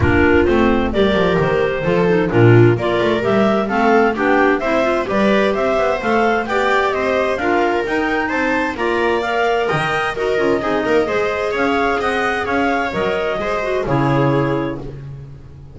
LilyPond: <<
  \new Staff \with { instrumentName = "clarinet" } { \time 4/4 \tempo 4 = 130 ais'4 c''4 d''4 c''4~ | c''4 ais'4 d''4 e''4 | f''4 g''4 e''4 d''4 | e''4 f''4 g''4 dis''4 |
f''4 g''4 a''4 ais''4 | f''4 g''4 dis''2~ | dis''4 f''4 fis''4 f''4 | dis''2 cis''2 | }
  \new Staff \with { instrumentName = "viola" } { \time 4/4 f'2 ais'2 | a'4 f'4 ais'2 | a'4 g'4 c''4 b'4 | c''2 d''4 c''4 |
ais'2 c''4 d''4~ | d''4 dis''4 ais'4 gis'8 ais'8 | c''4 cis''4 dis''4 cis''4~ | cis''4 c''4 gis'2 | }
  \new Staff \with { instrumentName = "clarinet" } { \time 4/4 d'4 c'4 g'2 | f'8 dis'8 d'4 f'4 g'4 | c'4 d'4 e'8 f'8 g'4~ | g'4 a'4 g'2 |
f'4 dis'2 f'4 | ais'2 fis'8 f'8 dis'4 | gis'1 | ais'4 gis'8 fis'8 e'2 | }
  \new Staff \with { instrumentName = "double bass" } { \time 4/4 ais4 a4 g8 f8 dis4 | f4 ais,4 ais8 a8 g4 | a4 b4 c'4 g4 | c'8 b8 a4 b4 c'4 |
d'4 dis'4 c'4 ais4~ | ais4 dis4 dis'8 cis'8 c'8 ais8 | gis4 cis'4 c'4 cis'4 | fis4 gis4 cis2 | }
>>